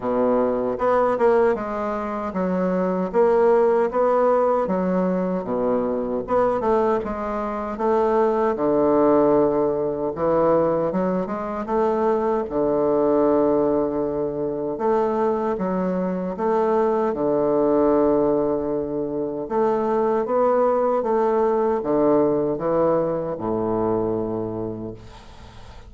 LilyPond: \new Staff \with { instrumentName = "bassoon" } { \time 4/4 \tempo 4 = 77 b,4 b8 ais8 gis4 fis4 | ais4 b4 fis4 b,4 | b8 a8 gis4 a4 d4~ | d4 e4 fis8 gis8 a4 |
d2. a4 | fis4 a4 d2~ | d4 a4 b4 a4 | d4 e4 a,2 | }